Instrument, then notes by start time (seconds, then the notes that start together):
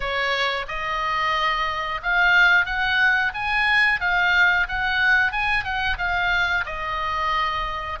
oboe
0.00 C#5
0.68 D#5
2.02 F5
2.65 F#5
3.34 G#5
4.00 F5
4.68 F#5
5.32 G#5
5.63 F#5
5.98 F5
6.65 D#5